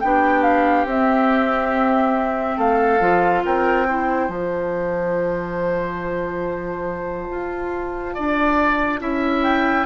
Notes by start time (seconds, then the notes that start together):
0.00 B3 D4 G4 G5
0.42 F5
0.85 C4 E5
2.57 A3 A4 F5
3.00 F3 F4
3.45 C4 A#4 G5
3.87 E4 C5
4.28 F3 F4 A5
7.30 F4
8.14 D4 D5
9.00 C#4 E4 E5
9.42 G5